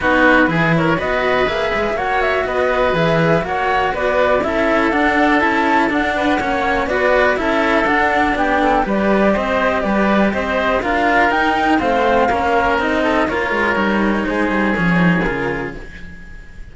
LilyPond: <<
  \new Staff \with { instrumentName = "flute" } { \time 4/4 \tempo 4 = 122 b'4. cis''8 dis''4 e''4 | fis''8 e''8 dis''4 e''4 fis''4 | d''4 e''4 fis''4 a''4 | fis''2 d''4 e''4 |
fis''4 g''4 d''4 dis''4 | d''4 dis''4 f''4 g''4 | f''2 dis''4 cis''4~ | cis''4 c''4 cis''4 ais'4 | }
  \new Staff \with { instrumentName = "oboe" } { \time 4/4 fis'4 gis'8 ais'8 b'2 | cis''4 b'2 cis''4 | b'4 a'2.~ | a'8 b'8 cis''4 b'4 a'4~ |
a'4 g'8 a'8 b'4 c''4 | b'4 c''4 ais'2 | c''4 ais'4. a'8 ais'4~ | ais'4 gis'2. | }
  \new Staff \with { instrumentName = "cello" } { \time 4/4 dis'4 e'4 fis'4 gis'4 | fis'2 gis'4 fis'4~ | fis'4 e'4 d'4 e'4 | d'4 cis'4 fis'4 e'4 |
d'2 g'2~ | g'2 f'4 dis'4 | c'4 cis'4 dis'4 f'4 | dis'2 cis'8 dis'8 f'4 | }
  \new Staff \with { instrumentName = "cello" } { \time 4/4 b4 e4 b4 ais8 gis8 | ais4 b4 e4 ais4 | b4 cis'4 d'4 cis'4 | d'4 ais4 b4 cis'4 |
d'4 b4 g4 c'4 | g4 c'4 d'4 dis'4 | a4 ais4 c'4 ais8 gis8 | g4 gis8 g8 f4 cis4 | }
>>